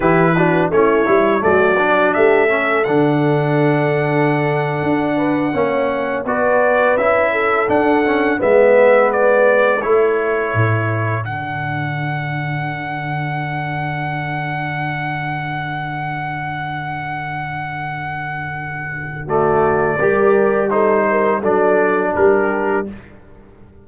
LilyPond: <<
  \new Staff \with { instrumentName = "trumpet" } { \time 4/4 \tempo 4 = 84 b'4 cis''4 d''4 e''4 | fis''1~ | fis''8. d''4 e''4 fis''4 e''16~ | e''8. d''4 cis''2 fis''16~ |
fis''1~ | fis''1~ | fis''2. d''4~ | d''4 c''4 d''4 ais'4 | }
  \new Staff \with { instrumentName = "horn" } { \time 4/4 g'8 fis'8 e'4 fis'4 g'8 a'8~ | a'2.~ a'16 b'8 cis''16~ | cis''8. b'4. a'4. b'16~ | b'4.~ b'16 a'2~ a'16~ |
a'1~ | a'1~ | a'2. fis'4 | ais'4 a'8 ais'8 a'4 g'4 | }
  \new Staff \with { instrumentName = "trombone" } { \time 4/4 e'8 d'8 cis'8 e'8 a8 d'4 cis'8 | d'2.~ d'8. cis'16~ | cis'8. fis'4 e'4 d'8 cis'8 b16~ | b4.~ b16 e'2 d'16~ |
d'1~ | d'1~ | d'2. a4 | g'4 dis'4 d'2 | }
  \new Staff \with { instrumentName = "tuba" } { \time 4/4 e4 a8 g8 fis4 a4 | d2~ d8. d'4 ais16~ | ais8. b4 cis'4 d'4 gis16~ | gis4.~ gis16 a4 a,4 d16~ |
d1~ | d1~ | d1 | g2 fis4 g4 | }
>>